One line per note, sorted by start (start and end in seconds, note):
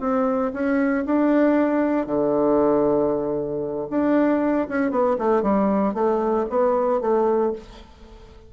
0.00 0.52 C4
0.53 1.05 C#4
1.05 2.06 D4
2.06 3.87 D3
3.90 4.67 D4
4.68 4.90 C#4
4.90 5.16 B3
5.18 5.42 A3
5.42 5.94 G3
5.94 6.46 A3
6.49 7.00 B3
7.00 7.52 A3